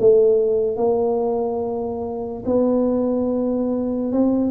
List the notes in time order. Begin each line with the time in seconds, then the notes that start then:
0.00 A3
0.77 A#3
2.46 B3
4.12 C4